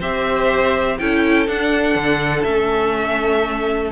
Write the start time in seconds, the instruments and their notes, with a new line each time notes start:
0.00 cello C4, viola G4, violin C5 E5
0.99 cello C#4, viola E4, violin A4 G5
1.48 viola D4, cello D4, violin F#5
1.95 cello D3
2.44 cello A3, viola C#4, violin E5